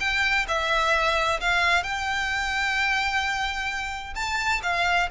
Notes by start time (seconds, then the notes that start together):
0.00 G5
0.48 E5
1.40 F5
1.83 G5
4.15 A5
4.63 F5